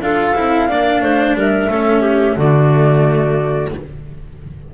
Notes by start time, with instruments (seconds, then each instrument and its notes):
0.00 double bass D4, cello F4, clarinet A4, flute F5
0.35 double bass C4, cello E4
0.68 double bass A#3, cello D4, clarinet D5
1.02 double bass A3, clarinet C5
1.34 double bass G3, clarinet A#4, flute E5
1.68 double bass A3, cello C#4, clarinet A4
2.01 clarinet G4
2.36 double bass D3, cello A3, clarinet F#4, flute D5